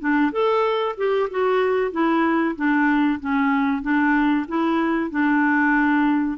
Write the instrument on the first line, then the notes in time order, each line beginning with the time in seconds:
clarinet
0.00 D4
0.32 A4
0.97 G4
1.31 F#4
1.92 E4
2.56 D4
3.20 C#4
3.82 D4
4.48 E4
5.11 D4